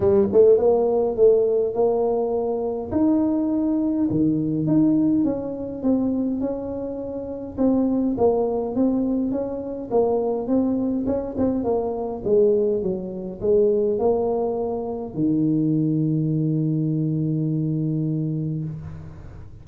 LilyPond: \new Staff \with { instrumentName = "tuba" } { \time 4/4 \tempo 4 = 103 g8 a8 ais4 a4 ais4~ | ais4 dis'2 dis4 | dis'4 cis'4 c'4 cis'4~ | cis'4 c'4 ais4 c'4 |
cis'4 ais4 c'4 cis'8 c'8 | ais4 gis4 fis4 gis4 | ais2 dis2~ | dis1 | }